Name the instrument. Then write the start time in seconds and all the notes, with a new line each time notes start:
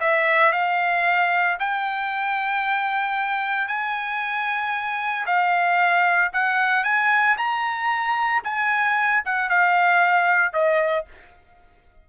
trumpet
0.00 E5
0.52 F5
1.59 G5
3.68 G#5
5.26 F5
6.33 F#5
6.84 G#5
7.37 A#5
8.44 G#5
9.25 F#5
9.50 F5
10.53 D#5